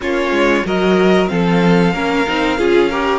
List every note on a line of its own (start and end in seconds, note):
0.00 0.31 A#3
0.00 0.64 C#4
0.00 0.65 F4
0.00 0.66 C#5
0.31 0.63 G#3
0.64 1.29 F#3
0.64 1.27 F#4
0.64 1.30 A#4
0.64 1.27 D#5
1.27 1.94 F3
1.27 1.92 C4
1.27 1.93 A4
1.27 3.19 F5
1.93 2.26 A#3
1.93 2.25 C#4
1.93 2.58 A#4
2.27 2.59 C4
2.27 2.57 D#4
2.57 3.19 C#4
2.57 2.90 F4
2.57 2.90 G#4
2.90 3.19 G4
2.90 3.19 A#4